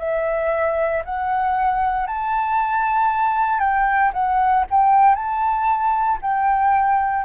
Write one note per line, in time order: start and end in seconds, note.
0.00 1.03 E5
1.05 2.07 F#5
2.07 3.60 A5
3.60 4.11 G5
4.14 4.66 F#5
4.71 5.15 G5
5.15 6.19 A5
6.22 7.25 G5